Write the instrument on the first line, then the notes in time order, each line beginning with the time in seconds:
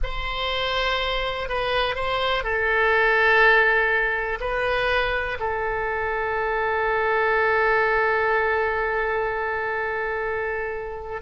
oboe
0.03 C5
1.48 B4
1.95 C5
2.43 A4
4.40 B4
5.39 A4